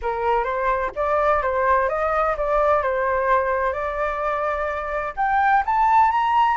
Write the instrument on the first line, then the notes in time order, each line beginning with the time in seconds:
flute
0.02 A#4
0.44 C5
0.95 D5
1.42 C5
1.89 D#5
2.37 D5
2.82 C5
3.72 D5
5.16 G5
5.65 A5
6.11 A#5